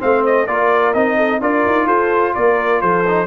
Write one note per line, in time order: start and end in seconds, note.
0.00 0.48 A3
0.00 0.47 C4
0.00 0.47 C5
0.00 0.25 F5
0.25 0.47 D#5
0.47 0.94 A#3
0.47 0.94 F4
0.47 1.17 A#4
0.47 0.93 D5
0.93 1.40 C4
0.93 1.41 D#4
0.93 1.40 D#5
1.17 1.40 A4
1.40 1.64 D4
1.40 3.05 F4
1.40 1.86 A#4
1.40 1.87 D5
1.66 1.86 D#4
1.86 2.33 F4
1.86 2.33 A4
1.86 2.34 C5
2.35 2.82 A#3
2.35 2.82 A#4
2.35 2.81 D5
2.81 3.27 F3
2.81 3.27 A4
2.81 3.27 C5
3.06 3.27 D#4